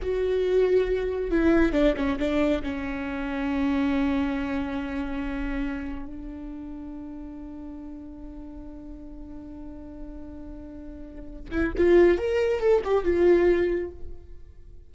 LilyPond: \new Staff \with { instrumentName = "viola" } { \time 4/4 \tempo 4 = 138 fis'2. e'4 | d'8 cis'8 d'4 cis'2~ | cis'1~ | cis'2 d'2~ |
d'1~ | d'1~ | d'2~ d'8 e'8 f'4 | ais'4 a'8 g'8 f'2 | }